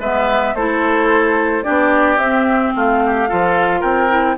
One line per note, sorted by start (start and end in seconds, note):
0.00 0.55 G#3
0.00 0.57 B3
0.00 0.55 B4
0.00 0.56 E5
0.55 1.64 A3
0.55 1.64 E4
0.55 1.65 A4
0.55 1.64 C5
1.64 2.17 B3
1.64 2.18 D4
1.64 2.74 G4
1.64 2.18 D5
2.17 2.72 C4
2.17 3.29 C4
2.17 2.73 E5
2.76 3.30 A3
2.76 3.04 F4
2.76 3.82 F5
3.06 3.29 G4
3.29 3.83 F3
3.29 4.09 F4
3.29 3.81 A4
3.81 4.38 C4
3.81 4.35 A#4
3.81 4.37 G5
4.09 4.37 E4